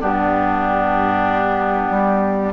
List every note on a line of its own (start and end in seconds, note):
0.00 1.90 G2
0.00 2.53 B3
0.00 2.53 D4
0.00 2.53 G4
1.90 2.53 G3